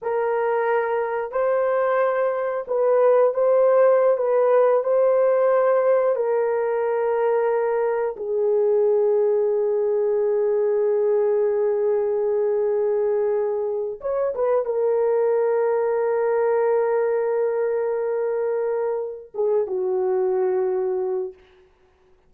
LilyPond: \new Staff \with { instrumentName = "horn" } { \time 4/4 \tempo 4 = 90 ais'2 c''2 | b'4 c''4~ c''16 b'4 c''8.~ | c''4~ c''16 ais'2~ ais'8.~ | ais'16 gis'2.~ gis'8.~ |
gis'1~ | gis'4 cis''8 b'8 ais'2~ | ais'1~ | ais'4 gis'8 fis'2~ fis'8 | }